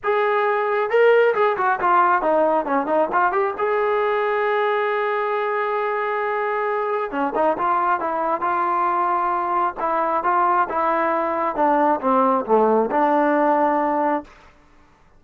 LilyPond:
\new Staff \with { instrumentName = "trombone" } { \time 4/4 \tempo 4 = 135 gis'2 ais'4 gis'8 fis'8 | f'4 dis'4 cis'8 dis'8 f'8 g'8 | gis'1~ | gis'1 |
cis'8 dis'8 f'4 e'4 f'4~ | f'2 e'4 f'4 | e'2 d'4 c'4 | a4 d'2. | }